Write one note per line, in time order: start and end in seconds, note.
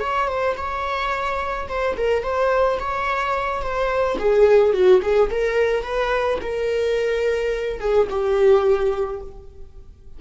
0.00 0.28 C#5
0.28 0.56 C5
0.57 1.68 C#5
1.68 1.96 C5
1.97 2.23 A#4
2.23 2.79 C5
2.80 3.62 C#5
3.62 4.17 C5
4.19 4.73 G#4
4.73 5.01 F#4
5.02 5.30 G#4
5.31 5.83 A#4
5.83 6.39 B4
6.41 7.80 A#4
7.80 8.08 G#4
8.10 9.21 G4